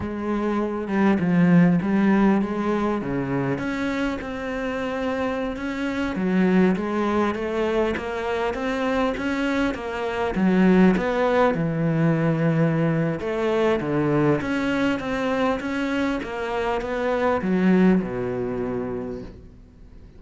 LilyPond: \new Staff \with { instrumentName = "cello" } { \time 4/4 \tempo 4 = 100 gis4. g8 f4 g4 | gis4 cis4 cis'4 c'4~ | c'4~ c'16 cis'4 fis4 gis8.~ | gis16 a4 ais4 c'4 cis'8.~ |
cis'16 ais4 fis4 b4 e8.~ | e2 a4 d4 | cis'4 c'4 cis'4 ais4 | b4 fis4 b,2 | }